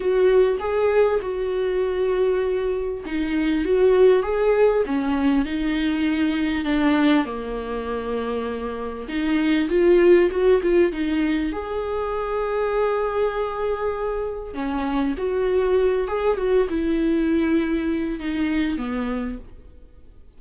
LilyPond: \new Staff \with { instrumentName = "viola" } { \time 4/4 \tempo 4 = 99 fis'4 gis'4 fis'2~ | fis'4 dis'4 fis'4 gis'4 | cis'4 dis'2 d'4 | ais2. dis'4 |
f'4 fis'8 f'8 dis'4 gis'4~ | gis'1 | cis'4 fis'4. gis'8 fis'8 e'8~ | e'2 dis'4 b4 | }